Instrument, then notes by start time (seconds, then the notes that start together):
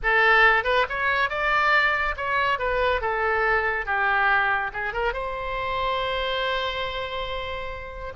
oboe
0.02 A4
0.64 B4
0.89 C#5
1.29 D5
2.16 C#5
2.59 B4
3.01 A4
3.85 G4
4.73 G#4
4.93 A#4
5.13 C5